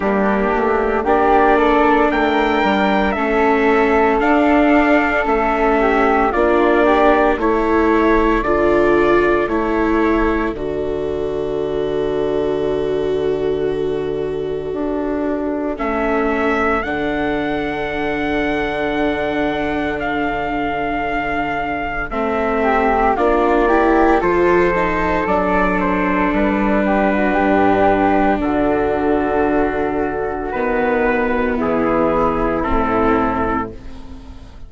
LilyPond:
<<
  \new Staff \with { instrumentName = "trumpet" } { \time 4/4 \tempo 4 = 57 g'4 d''4 g''4 e''4 | f''4 e''4 d''4 cis''4 | d''4 cis''4 d''2~ | d''2. e''4 |
fis''2. f''4~ | f''4 e''4 d''4 c''4 | d''8 c''8 b'2 a'4~ | a'4 b'4 gis'4 a'4 | }
  \new Staff \with { instrumentName = "flute" } { \time 4/4 d'4 g'8 a'8 ais'4 a'4~ | a'4. g'8 f'8 g'8 a'4~ | a'1~ | a'1~ |
a'1~ | a'4. g'8 f'8 g'8 a'4~ | a'4. g'16 fis'16 g'4 fis'4~ | fis'2 e'2 | }
  \new Staff \with { instrumentName = "viola" } { \time 4/4 ais4 d'2 cis'4 | d'4 cis'4 d'4 e'4 | f'4 e'4 fis'2~ | fis'2. cis'4 |
d'1~ | d'4 c'4 d'8 e'8 f'8 dis'8 | d'1~ | d'4 b2 c'4 | }
  \new Staff \with { instrumentName = "bassoon" } { \time 4/4 g8 a8 ais4 a8 g8 a4 | d'4 a4 ais4 a4 | d4 a4 d2~ | d2 d'4 a4 |
d1~ | d4 a4 ais4 f4 | fis4 g4 g,4 d4~ | d4 dis4 e4 a,4 | }
>>